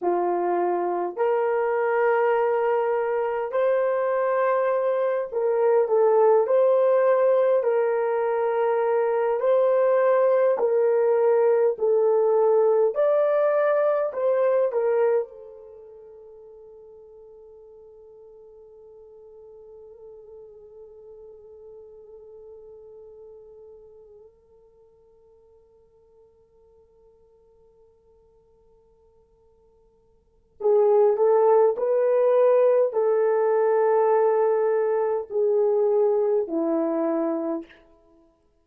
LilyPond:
\new Staff \with { instrumentName = "horn" } { \time 4/4 \tempo 4 = 51 f'4 ais'2 c''4~ | c''8 ais'8 a'8 c''4 ais'4. | c''4 ais'4 a'4 d''4 | c''8 ais'8 a'2.~ |
a'1~ | a'1~ | a'2 gis'8 a'8 b'4 | a'2 gis'4 e'4 | }